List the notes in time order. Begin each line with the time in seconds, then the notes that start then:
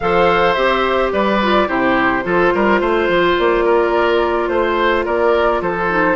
0.00 F3 A4 C5 F5
0.53 C4 G4 E5
1.12 G3 B4 D5
1.42 F4
1.67 C3 E4 G4 C5
2.22 F3 F4 A4
2.54 G3 A#4
2.80 A3 C5
3.08 F3
3.38 A#3 D5
3.64 A#4
4.48 A3 C5
5.05 A#3 A#4 D5
5.61 F3 A4 C5
5.89 D#4